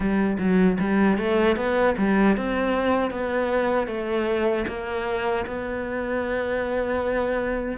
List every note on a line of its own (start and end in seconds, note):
0.00 0.37 G3
0.39 0.78 F#3
0.79 1.18 G3
1.18 1.56 A3
1.56 1.95 B3
1.97 2.36 G3
2.37 3.10 C4
3.10 3.87 B3
3.87 4.65 A3
4.68 5.45 A#3
5.46 7.77 B3